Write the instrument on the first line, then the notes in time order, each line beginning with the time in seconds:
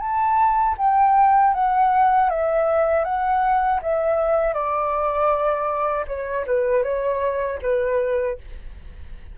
flute
0.00 A5
0.78 G5
1.54 F#5
2.30 E5
3.05 F#5
3.83 E5
4.54 D5
6.07 C#5
6.47 B4
6.84 C#5
7.62 B4